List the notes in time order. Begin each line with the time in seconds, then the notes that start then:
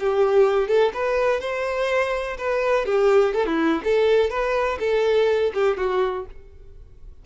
0.00 G4
0.68 A4
0.94 B4
1.41 C5
2.38 B4
2.86 G4
3.34 A4
3.46 E4
3.84 A4
4.30 B4
4.80 A4
5.54 G4
5.77 F#4